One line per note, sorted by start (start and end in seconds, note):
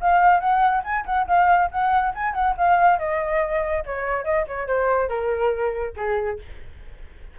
0.00 0.40 F5
0.40 0.82 F#5
0.84 1.05 G#5
1.05 1.26 F#5
1.27 1.70 F5
1.71 2.14 F#5
2.15 2.34 G#5
2.34 2.55 F#5
2.57 2.99 F5
2.99 3.84 D#5
3.85 4.24 C#5
4.24 4.46 D#5
4.47 4.67 C#5
4.67 5.09 C5
5.09 5.94 A#4
5.96 6.39 G#4